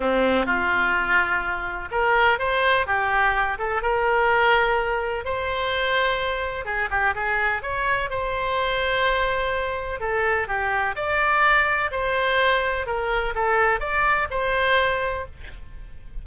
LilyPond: \new Staff \with { instrumentName = "oboe" } { \time 4/4 \tempo 4 = 126 c'4 f'2. | ais'4 c''4 g'4. a'8 | ais'2. c''4~ | c''2 gis'8 g'8 gis'4 |
cis''4 c''2.~ | c''4 a'4 g'4 d''4~ | d''4 c''2 ais'4 | a'4 d''4 c''2 | }